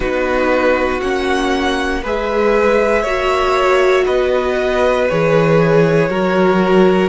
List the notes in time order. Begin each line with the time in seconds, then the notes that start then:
0.00 B3 D#4 F#4 B4
1.01 A#3 C#4 F#5
2.02 G#3 G#4 B4 E5
3.02 A#3 F#4 C#5
4.05 B3 B4 D#5
5.08 E3 G#4 C#5
6.08 F#3 F#4 A#4